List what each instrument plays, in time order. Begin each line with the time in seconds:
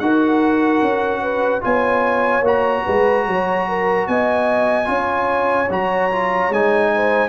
0.00 tuba D#4, trombone F#4, horn A#4, trumpet F#5
0.82 tuba C#4
1.22 horn B4
1.62 tuba B3, trombone F4, horn C#5, trumpet G#5
2.42 tuba A#3, trombone F#4, trumpet A#5
2.85 tuba G#3, horn B4
3.27 tuba F#3, horn C#5
3.69 horn A#4
4.08 tuba B3, horn D#5, trumpet G#5
4.85 tuba C#4, trombone F4, horn C#5
5.70 tuba F#3, trombone F#4, trumpet A#5
6.12 trombone F4
6.50 tuba G#3, trombone D#4, trumpet G#5
6.95 horn C5